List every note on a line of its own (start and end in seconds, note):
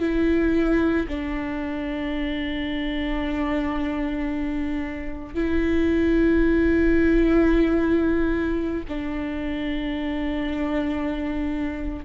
0.00 1.07 E4
1.08 5.35 D4
5.35 8.83 E4
8.88 12.05 D4